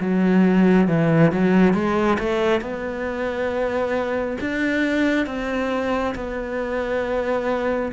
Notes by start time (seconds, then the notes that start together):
0.00 F#3
0.87 E3
1.32 F#3
1.73 G#3
2.19 A3
2.60 B3
4.40 D4
5.26 C4
6.14 B3